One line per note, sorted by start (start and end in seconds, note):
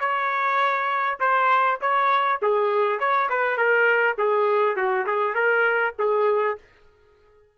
0.00 1.19 C#5
1.20 1.80 C5
1.81 2.40 C#5
2.42 3.00 G#4
3.00 3.29 C#5
3.29 3.58 B4
3.58 4.17 A#4
4.18 4.76 G#4
4.76 5.06 F#4
5.07 5.35 G#4
5.35 5.94 A#4
5.99 6.58 G#4